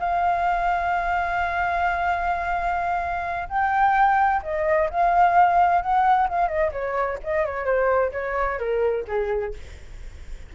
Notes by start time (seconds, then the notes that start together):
0.00 F5
3.49 G5
4.43 D#5
4.90 F5
5.82 F#5
6.29 F5
6.48 D#5
6.72 C#5
7.24 D#5
7.45 C#5
7.65 C5
8.12 C#5
8.59 A#4
9.08 G#4